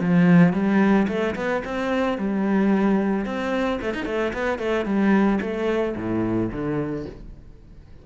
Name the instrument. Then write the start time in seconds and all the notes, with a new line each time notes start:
cello
0.00 F3
0.53 G3
1.08 A3
1.35 B3
1.64 C4
2.17 G3
3.25 C4
3.81 A3
3.94 D#4
4.05 A3
4.33 B3
4.58 A3
4.85 G3
5.41 A3
5.96 A2
6.52 D3